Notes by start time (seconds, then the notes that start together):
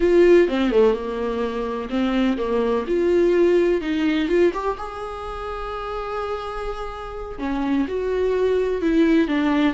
0.00 F4
0.48 C4
0.71 A3
0.93 A#3
1.89 C4
2.37 A#3
2.87 F4
3.81 D#4
4.28 F4
4.53 G4
4.77 G#4
7.39 C#4
7.88 F#4
8.81 E4
9.27 D4